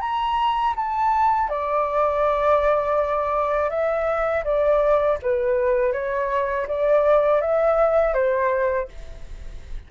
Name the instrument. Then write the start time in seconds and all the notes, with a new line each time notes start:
flute
0.00 A#5
0.76 A5
1.49 D5
3.70 E5
4.44 D5
5.22 B4
5.93 C#5
6.67 D5
7.41 E5
8.14 C5